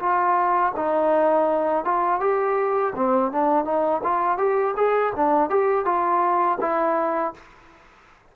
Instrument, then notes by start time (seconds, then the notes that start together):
trombone
0.00 F4
0.76 D#4
1.85 F4
2.21 G4
2.96 C4
3.33 D4
3.65 D#4
4.04 F4
4.38 G4
4.77 G#4
5.16 D4
5.50 G4
5.85 F4
6.61 E4